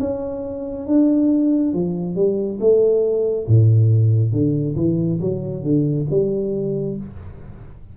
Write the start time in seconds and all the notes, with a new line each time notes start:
0.00 C#4
0.87 D4
1.74 F3
2.16 G3
2.60 A3
3.48 A2
4.32 D3
4.76 E3
5.21 F#3
5.63 D3
6.11 G3